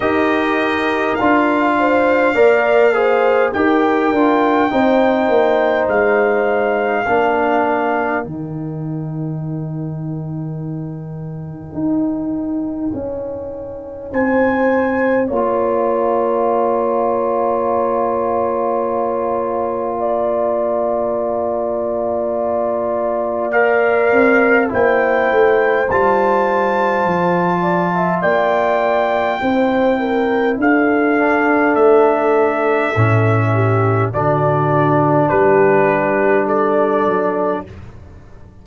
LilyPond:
<<
  \new Staff \with { instrumentName = "trumpet" } { \time 4/4 \tempo 4 = 51 dis''4 f''2 g''4~ | g''4 f''2 g''4~ | g''1 | gis''4 ais''2.~ |
ais''1 | f''4 g''4 a''2 | g''2 f''4 e''4~ | e''4 d''4 b'4 d''4 | }
  \new Staff \with { instrumentName = "horn" } { \time 4/4 ais'4. c''8 d''8 c''8 ais'4 | c''2 ais'2~ | ais'1 | c''4 cis''2.~ |
cis''4 d''2.~ | d''4 c''2~ c''8 d''16 e''16 | d''4 c''8 ais'8 a'2~ | a'8 g'8 fis'4 g'4 a'4 | }
  \new Staff \with { instrumentName = "trombone" } { \time 4/4 g'4 f'4 ais'8 gis'8 g'8 f'8 | dis'2 d'4 dis'4~ | dis'1~ | dis'4 f'2.~ |
f'1 | ais'4 e'4 f'2~ | f'4 e'4. d'4. | cis'4 d'2. | }
  \new Staff \with { instrumentName = "tuba" } { \time 4/4 dis'4 d'4 ais4 dis'8 d'8 | c'8 ais8 gis4 ais4 dis4~ | dis2 dis'4 cis'4 | c'4 ais2.~ |
ais1~ | ais8 c'8 ais8 a8 g4 f4 | ais4 c'4 d'4 a4 | a,4 d4 g4. fis8 | }
>>